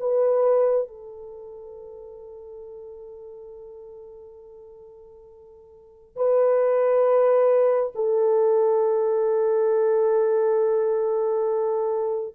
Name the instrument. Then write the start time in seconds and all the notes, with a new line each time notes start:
horn
0.00 B4
0.88 A4
6.16 B4
7.95 A4